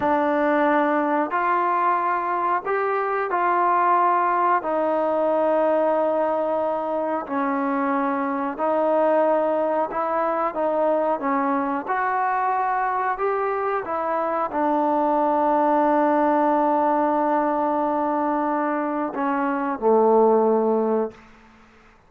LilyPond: \new Staff \with { instrumentName = "trombone" } { \time 4/4 \tempo 4 = 91 d'2 f'2 | g'4 f'2 dis'4~ | dis'2. cis'4~ | cis'4 dis'2 e'4 |
dis'4 cis'4 fis'2 | g'4 e'4 d'2~ | d'1~ | d'4 cis'4 a2 | }